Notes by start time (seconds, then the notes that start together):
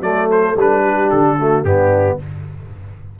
0.00 F#3 A3 A4 D5
0.31 C5
0.55 G3 D4 B4
0.82 G4
1.10 D3 A4
1.38 A3 F#4
1.64 G2 B3 D4 G4